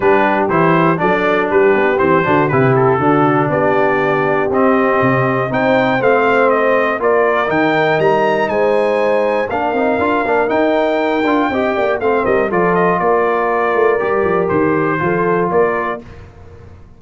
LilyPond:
<<
  \new Staff \with { instrumentName = "trumpet" } { \time 4/4 \tempo 4 = 120 b'4 c''4 d''4 b'4 | c''4 b'8 a'4. d''4~ | d''4 dis''2 g''4 | f''4 dis''4 d''4 g''4 |
ais''4 gis''2 f''4~ | f''4 g''2. | f''8 dis''8 d''8 dis''8 d''2~ | d''4 c''2 d''4 | }
  \new Staff \with { instrumentName = "horn" } { \time 4/4 g'2 a'4 g'4~ | g'8 fis'8 g'4 fis'4 g'4~ | g'2. c''4~ | c''2 ais'2~ |
ais'4 c''2 ais'4~ | ais'2. dis''8 d''8 | c''8 ais'8 a'4 ais'2~ | ais'2 a'4 ais'4 | }
  \new Staff \with { instrumentName = "trombone" } { \time 4/4 d'4 e'4 d'2 | c'8 d'8 e'4 d'2~ | d'4 c'2 dis'4 | c'2 f'4 dis'4~ |
dis'2. d'8 dis'8 | f'8 d'8 dis'4. f'8 g'4 | c'4 f'2. | g'2 f'2 | }
  \new Staff \with { instrumentName = "tuba" } { \time 4/4 g4 e4 fis4 g8 b8 | e8 d8 c4 d4 b4~ | b4 c'4 c4 c'4 | a2 ais4 dis4 |
g4 gis2 ais8 c'8 | d'8 ais8 dis'4. d'8 c'8 ais8 | a8 g8 f4 ais4. a8 | g8 f8 dis4 f4 ais4 | }
>>